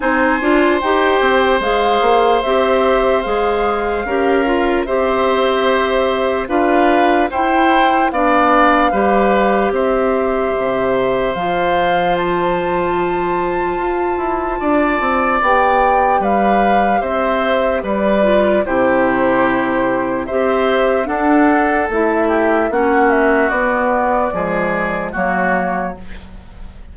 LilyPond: <<
  \new Staff \with { instrumentName = "flute" } { \time 4/4 \tempo 4 = 74 gis''4 g''4 f''4 e''4 | f''2 e''2 | f''4 g''4 f''2 | e''2 f''4 a''4~ |
a''2. g''4 | f''4 e''4 d''4 c''4~ | c''4 e''4 fis''4 e''4 | fis''8 e''8 d''2 cis''4 | }
  \new Staff \with { instrumentName = "oboe" } { \time 4/4 c''1~ | c''4 ais'4 c''2 | b'4 c''4 d''4 b'4 | c''1~ |
c''2 d''2 | b'4 c''4 b'4 g'4~ | g'4 c''4 a'4. g'8 | fis'2 gis'4 fis'4 | }
  \new Staff \with { instrumentName = "clarinet" } { \time 4/4 dis'8 f'8 g'4 gis'4 g'4 | gis'4 g'8 f'8 g'2 | f'4 e'4 d'4 g'4~ | g'2 f'2~ |
f'2. g'4~ | g'2~ g'8 f'8 e'4~ | e'4 g'4 d'4 e'4 | cis'4 b4 gis4 ais4 | }
  \new Staff \with { instrumentName = "bassoon" } { \time 4/4 c'8 d'8 dis'8 c'8 gis8 ais8 c'4 | gis4 cis'4 c'2 | d'4 e'4 b4 g4 | c'4 c4 f2~ |
f4 f'8 e'8 d'8 c'8 b4 | g4 c'4 g4 c4~ | c4 c'4 d'4 a4 | ais4 b4 f4 fis4 | }
>>